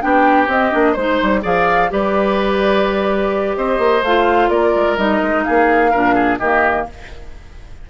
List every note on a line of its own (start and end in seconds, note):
0.00 0.48 B3
0.00 0.47 D4
0.00 0.92 G4
0.00 0.49 G5
0.48 0.71 C4
0.48 0.95 D#5
0.71 0.96 A#3
0.71 0.95 D4
0.92 1.20 G#3
0.92 1.39 C5
0.92 1.42 C5
0.98 1.42 D#4
1.22 1.44 G3
1.42 1.91 F3
1.42 1.89 G#4
1.42 1.90 D5
1.42 1.93 F5
1.89 3.57 G3
1.89 4.02 G4
1.89 3.57 B4
1.89 3.56 D5
3.56 3.79 C4
3.56 4.50 C5
3.56 4.03 D#5
3.79 4.02 A#3
4.02 4.49 A3
4.02 4.97 F4
4.02 4.49 F5
4.49 4.73 A#3
4.49 5.44 A#4
4.49 4.96 D5
4.75 4.97 G#3
4.97 5.21 G3
4.97 5.92 D#4
4.97 5.44 D#5
5.22 5.46 G#3
5.44 5.94 A#3
5.44 5.91 G#4
5.44 6.38 F5
5.91 6.40 A#2
5.91 6.40 D4
5.91 6.14 A#4
6.14 6.38 G#4
6.39 6.87 D#3
6.39 6.90 A#3
6.39 6.87 G4
6.39 6.86 D#5